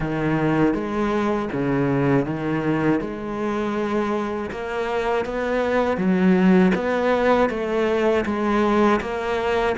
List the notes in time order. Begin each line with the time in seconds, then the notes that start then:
0.00 D#3
0.74 G#3
1.52 C#3
2.25 D#3
3.00 G#3
4.50 A#3
5.25 B3
5.97 F#3
6.74 B3
7.49 A3
8.25 G#3
9.00 A#3